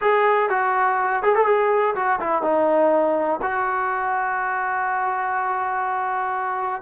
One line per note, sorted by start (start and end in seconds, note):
0.01 0.49 G#4
0.49 1.22 F#4
1.22 1.35 G#4
1.35 1.45 A4
1.45 1.94 G#4
1.95 2.19 F#4
2.20 2.42 E4
2.42 3.40 D#4
3.41 6.82 F#4